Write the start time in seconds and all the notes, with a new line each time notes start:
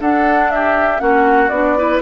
0.00 D4 A4 F#5
0.51 G4 E5
0.99 A#3 C#4 F#4 F#5
1.49 B3 D4 D5
1.78 E4 B4